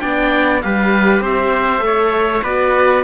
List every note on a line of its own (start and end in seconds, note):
0.00 0.64 B3
0.00 0.61 D4
0.00 0.62 D5
0.00 0.61 G5
0.61 1.20 G3
0.61 1.79 G4
0.61 1.23 B4
0.61 1.22 F5
1.20 1.81 C4
1.20 1.84 C5
1.20 2.44 E5
1.79 2.41 A3
1.79 2.39 A4
1.85 2.43 C#5
2.43 3.04 B3
2.43 3.04 F#4
2.43 3.04 B4
2.43 3.04 D5